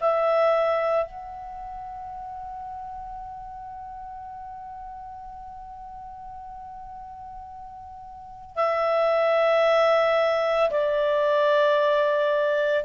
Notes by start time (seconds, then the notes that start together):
0.00 E5
1.06 F#5
8.55 E5
10.70 D5